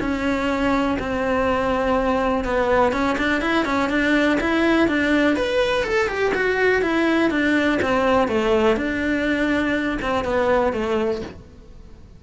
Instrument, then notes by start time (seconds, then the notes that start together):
cello
0.00 C#4
0.99 C4
2.45 B3
2.92 C#4
3.18 D4
3.41 E4
3.65 C#4
3.90 D4
4.40 E4
4.88 D4
5.36 B4
5.84 A4
6.08 G4
6.34 F#4
6.82 E4
7.30 D4
7.82 C4
8.28 A3
8.76 D4
10.02 C4
10.24 B3
10.73 A3